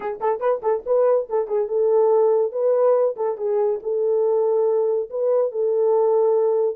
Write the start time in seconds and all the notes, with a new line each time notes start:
0.00 G#4
0.20 A4
0.40 B4
0.62 A4
0.86 B4
1.29 A4
1.47 G#4
1.68 A4
2.52 B4
3.16 A4
3.37 G#4
3.82 A4
5.10 B4
5.51 A4